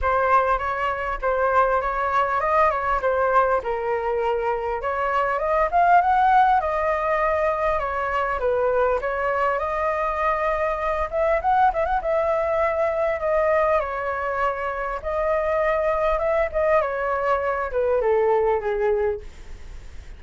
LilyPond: \new Staff \with { instrumentName = "flute" } { \time 4/4 \tempo 4 = 100 c''4 cis''4 c''4 cis''4 | dis''8 cis''8 c''4 ais'2 | cis''4 dis''8 f''8 fis''4 dis''4~ | dis''4 cis''4 b'4 cis''4 |
dis''2~ dis''8 e''8 fis''8 e''16 fis''16 | e''2 dis''4 cis''4~ | cis''4 dis''2 e''8 dis''8 | cis''4. b'8 a'4 gis'4 | }